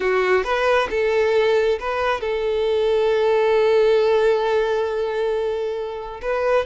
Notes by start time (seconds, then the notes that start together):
0.00 F#4
0.44 B4
0.89 A4
1.79 B4
2.20 A4
6.21 B4